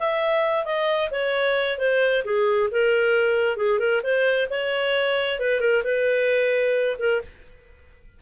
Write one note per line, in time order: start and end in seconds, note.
0.00 0.65 E5
0.65 1.11 D#5
1.11 1.79 C#5
1.79 2.24 C5
2.25 2.70 G#4
2.72 3.57 A#4
3.57 3.80 G#4
3.80 4.02 A#4
4.04 4.49 C5
4.51 5.40 C#5
5.40 5.61 B4
5.61 5.83 A#4
5.84 6.97 B4
6.99 7.22 A#4